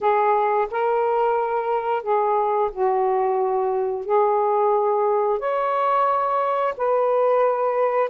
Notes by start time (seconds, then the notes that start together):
0.00 G#4
0.70 A#4
2.02 G#4
2.72 F#4
4.05 G#4
5.39 C#5
6.77 B4